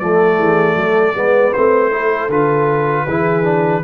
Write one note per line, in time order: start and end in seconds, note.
0.00 0.38 F3
0.00 1.14 A3
0.00 0.38 A4
0.00 1.54 D5
0.38 0.76 E3
0.38 0.76 G#4
0.76 1.15 F#3
0.76 1.16 A4
1.14 1.54 G#3
1.14 1.53 B3
1.14 1.94 B4
1.54 2.29 A3
1.54 1.91 C4
1.54 2.30 C5
1.91 2.30 E4
1.91 3.05 A4
2.29 3.06 D3
2.29 3.08 F4
2.29 3.84 B4
3.05 3.84 E3
3.05 3.44 E4
3.05 3.82 G#4
3.44 3.82 D4